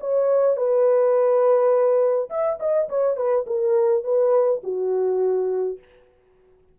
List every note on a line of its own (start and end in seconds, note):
0.00 0.56 C#5
0.56 2.29 B4
2.30 2.59 E5
2.60 2.89 D#5
2.89 3.17 C#5
3.17 3.45 B4
3.47 4.04 A#4
4.04 4.61 B4
4.63 5.78 F#4